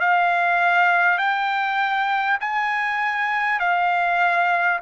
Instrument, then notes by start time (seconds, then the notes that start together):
trumpet
0.00 F5
1.18 G5
2.41 G#5
3.60 F5